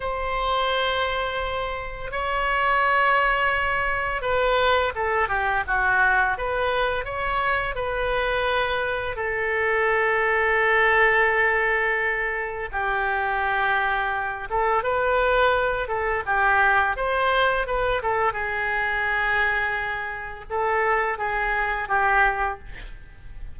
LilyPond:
\new Staff \with { instrumentName = "oboe" } { \time 4/4 \tempo 4 = 85 c''2. cis''4~ | cis''2 b'4 a'8 g'8 | fis'4 b'4 cis''4 b'4~ | b'4 a'2.~ |
a'2 g'2~ | g'8 a'8 b'4. a'8 g'4 | c''4 b'8 a'8 gis'2~ | gis'4 a'4 gis'4 g'4 | }